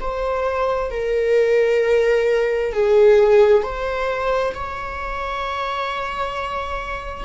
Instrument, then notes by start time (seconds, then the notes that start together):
viola
0.00 C5
0.90 A#4
2.72 G#4
3.63 C5
4.54 C#5